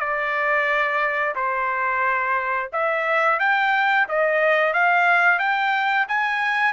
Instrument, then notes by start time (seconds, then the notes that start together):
trumpet
0.00 D5
1.35 C5
2.73 E5
3.40 G5
4.09 D#5
4.74 F5
5.40 G5
6.09 G#5